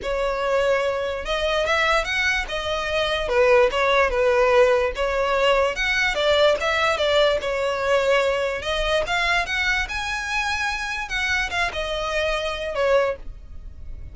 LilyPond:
\new Staff \with { instrumentName = "violin" } { \time 4/4 \tempo 4 = 146 cis''2. dis''4 | e''4 fis''4 dis''2 | b'4 cis''4 b'2 | cis''2 fis''4 d''4 |
e''4 d''4 cis''2~ | cis''4 dis''4 f''4 fis''4 | gis''2. fis''4 | f''8 dis''2~ dis''8 cis''4 | }